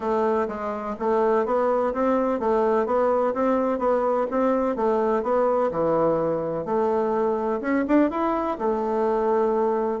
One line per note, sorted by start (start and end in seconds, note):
0.00 0.47 A3
0.48 0.95 G#3
0.99 1.45 A3
1.45 1.93 B3
1.93 2.39 C4
2.39 2.86 A3
2.86 3.33 B3
3.34 3.79 C4
3.79 4.26 B3
4.30 4.76 C4
4.76 5.22 A3
5.22 5.70 B3
5.71 6.65 E3
6.65 7.60 A3
7.60 7.84 C#4
7.87 8.10 D4
8.10 8.58 E4
8.58 10.00 A3